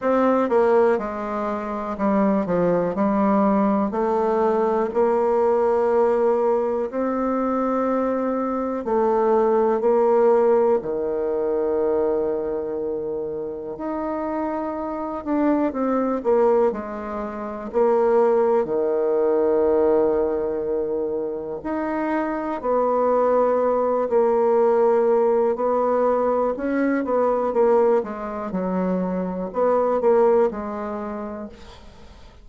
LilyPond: \new Staff \with { instrumentName = "bassoon" } { \time 4/4 \tempo 4 = 61 c'8 ais8 gis4 g8 f8 g4 | a4 ais2 c'4~ | c'4 a4 ais4 dis4~ | dis2 dis'4. d'8 |
c'8 ais8 gis4 ais4 dis4~ | dis2 dis'4 b4~ | b8 ais4. b4 cis'8 b8 | ais8 gis8 fis4 b8 ais8 gis4 | }